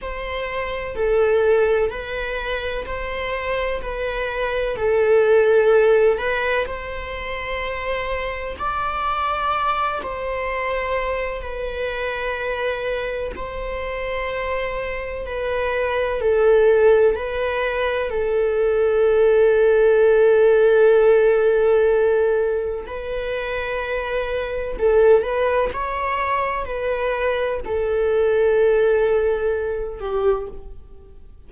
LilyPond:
\new Staff \with { instrumentName = "viola" } { \time 4/4 \tempo 4 = 63 c''4 a'4 b'4 c''4 | b'4 a'4. b'8 c''4~ | c''4 d''4. c''4. | b'2 c''2 |
b'4 a'4 b'4 a'4~ | a'1 | b'2 a'8 b'8 cis''4 | b'4 a'2~ a'8 g'8 | }